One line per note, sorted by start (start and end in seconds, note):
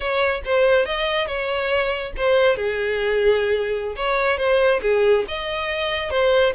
0.00 0.41 C#5
0.45 0.85 C5
0.85 1.26 D#5
1.26 2.12 C#5
2.16 2.56 C5
2.56 3.95 G#4
3.95 4.37 C#5
4.37 4.80 C5
4.82 5.24 G#4
5.28 6.10 D#5
6.10 6.53 C5